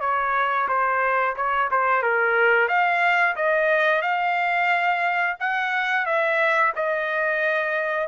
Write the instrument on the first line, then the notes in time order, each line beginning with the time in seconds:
trumpet
0.00 C#5
0.68 C5
1.36 C#5
1.71 C5
2.02 A#4
2.68 F5
3.35 D#5
4.01 F5
5.39 F#5
6.05 E5
6.75 D#5